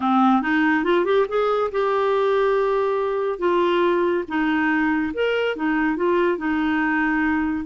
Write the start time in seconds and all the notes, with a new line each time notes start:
0.00 C4
0.42 D#4
0.83 F4
1.05 G4
1.28 G#4
1.71 G4
3.38 F4
4.27 D#4
5.13 A#4
5.56 D#4
5.96 F4
6.37 D#4